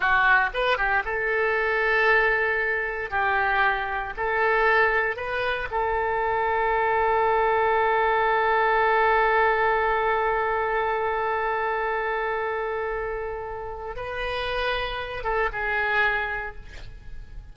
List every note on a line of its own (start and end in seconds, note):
0.00 0.50 F#4
0.53 0.77 B4
0.77 1.03 G4
1.04 3.10 A4
3.10 4.13 G4
4.16 5.16 A4
5.16 5.68 B4
5.70 13.96 A4
13.96 15.23 B4
15.23 15.49 A4
15.52 16.55 G#4